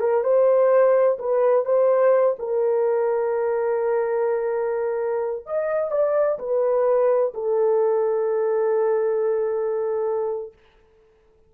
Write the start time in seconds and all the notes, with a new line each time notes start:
0.00 A#4
0.24 C5
1.19 B4
1.65 C5
2.39 A#4
5.46 D#5
5.91 D5
6.39 B4
7.34 A4